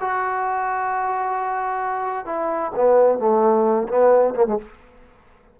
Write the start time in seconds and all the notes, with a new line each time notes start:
0.00 F#4
2.25 E4
2.75 B3
3.19 A3
3.88 B3
4.35 A#3
4.46 G#3